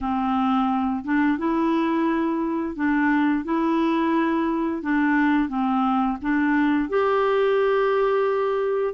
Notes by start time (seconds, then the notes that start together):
0.01 C4
1.04 D4
1.38 E4
2.75 D4
3.44 E4
4.82 D4
5.48 C4
6.21 D4
6.89 G4